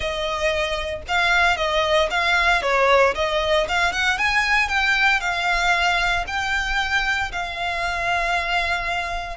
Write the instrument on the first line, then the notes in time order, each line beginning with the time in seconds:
violin
0.00 D#5
1.08 F5
1.57 D#5
2.10 F5
2.62 C#5
3.14 D#5
3.68 F5
3.92 F#5
4.18 G#5
4.68 G5
5.20 F5
6.27 G5
7.32 F5